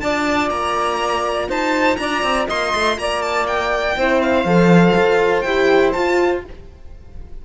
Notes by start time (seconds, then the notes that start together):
0.00 D4 F4 D5 A5
0.49 A#3 A#5
1.48 D#4 C5 A5
1.97 D4 D5 A#5
2.23 C4
2.48 A#3 D#5 C6
2.74 A3
2.98 A#3 D5 A#5
3.22 A5
3.47 G5
3.96 C4 E4 C5
4.22 F5
4.45 F3 A4
4.96 F4
5.41 E4 G4 G5
5.93 F4 A5